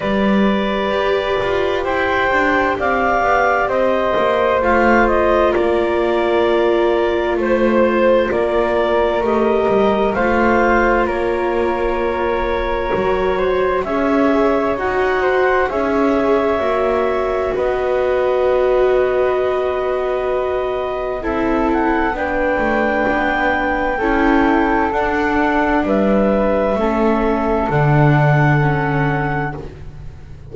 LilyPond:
<<
  \new Staff \with { instrumentName = "clarinet" } { \time 4/4 \tempo 4 = 65 d''2 g''4 f''4 | dis''4 f''8 dis''8 d''2 | c''4 d''4 dis''4 f''4 | cis''2. e''4 |
fis''4 e''2 dis''4~ | dis''2. e''8 fis''8 | g''2. fis''4 | e''2 fis''2 | }
  \new Staff \with { instrumentName = "flute" } { \time 4/4 b'2 c''4 d''4 | c''2 ais'2 | c''4 ais'2 c''4 | ais'2~ ais'8 c''8 cis''4~ |
cis''8 c''8 cis''2 b'4~ | b'2. a'4 | b'2 a'2 | b'4 a'2. | }
  \new Staff \with { instrumentName = "viola" } { \time 4/4 g'1~ | g'4 f'2.~ | f'2 g'4 f'4~ | f'2 fis'4 gis'4 |
fis'4 gis'4 fis'2~ | fis'2. e'4 | d'2 e'4 d'4~ | d'4 cis'4 d'4 cis'4 | }
  \new Staff \with { instrumentName = "double bass" } { \time 4/4 g4 g'8 f'8 e'8 d'8 c'8 b8 | c'8 ais8 a4 ais2 | a4 ais4 a8 g8 a4 | ais2 fis4 cis'4 |
dis'4 cis'4 ais4 b4~ | b2. c'4 | b8 a8 b4 cis'4 d'4 | g4 a4 d2 | }
>>